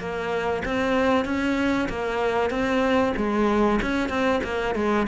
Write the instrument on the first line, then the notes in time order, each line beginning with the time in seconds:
cello
0.00 A#3
0.65 C4
1.25 C#4
1.89 A#3
2.51 C4
3.17 G#3
3.82 C#4
4.10 C4
4.44 A#3
4.76 G#3